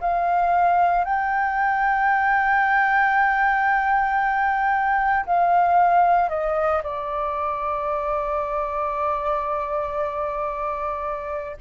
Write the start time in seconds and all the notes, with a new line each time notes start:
0.00 F5
1.04 G5
5.25 F5
6.29 D#5
6.83 D5